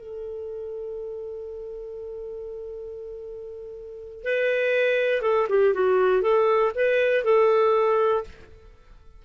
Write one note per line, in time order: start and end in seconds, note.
0.00 4.24 A4
4.24 5.22 B4
5.22 5.47 A4
5.49 5.74 G4
5.74 6.22 F#4
6.22 6.72 A4
6.75 7.25 B4
7.25 8.25 A4